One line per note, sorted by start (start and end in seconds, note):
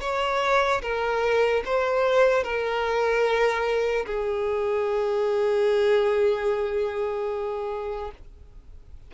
0.00 0.81 C#5
0.82 1.63 A#4
1.65 2.43 C5
2.43 4.05 A#4
4.05 8.11 G#4